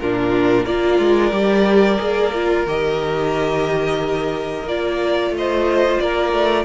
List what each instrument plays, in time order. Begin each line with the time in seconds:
0.00 cello A#2, viola D4, violin F4 A#4
0.64 cello A#3, viola F4, violin A#4 D5
0.99 cello G#3
1.32 cello G3, viola G4
1.99 cello A#3, viola G#4
2.34 viola F4
2.66 cello D#3, viola G4, violin D#5
4.64 cello A#3, viola F4, violin D5
5.31 cello A3
5.37 violin C5 D#5
6.00 cello A#3, violin A#4 D5
6.33 cello A3